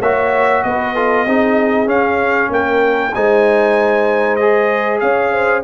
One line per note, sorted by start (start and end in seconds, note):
0.00 0.63 A#3
0.00 0.95 F#4
0.00 0.62 C#5
0.00 0.63 E5
0.63 1.26 B3
0.63 0.94 B4
0.63 1.88 D#5
0.94 1.27 F4
0.94 1.25 A4
1.26 1.86 C4
1.26 1.86 D#4
1.26 2.51 G#4
1.86 2.49 C#4
1.86 3.11 C#4
1.86 2.51 F5
2.49 3.12 A#3
2.49 3.14 A#4
2.49 3.14 G5
3.14 5.02 G#3
3.14 4.40 D#4
3.14 5.02 C5
3.14 4.36 G#5
4.36 5.64 G#4
4.36 4.98 D#5
5.00 5.64 C#4
5.00 5.32 C#5
5.00 5.62 F5
5.32 5.63 C5